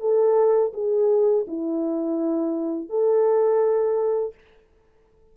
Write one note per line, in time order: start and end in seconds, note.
0.00 0.72 A4
0.73 1.45 G#4
1.47 2.89 E4
2.89 4.34 A4